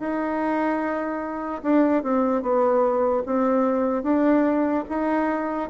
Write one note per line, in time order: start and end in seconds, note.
0.00 1.62 D#4
1.63 2.03 D4
2.03 2.43 C4
2.43 3.24 B3
3.26 4.04 C4
4.04 4.85 D4
4.89 5.70 D#4